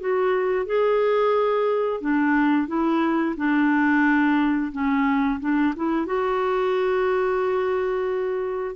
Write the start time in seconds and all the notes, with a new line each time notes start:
0.00 F#4
0.66 G#4
2.01 D4
2.68 E4
3.37 D4
4.73 C#4
5.41 D4
5.76 E4
6.06 F#4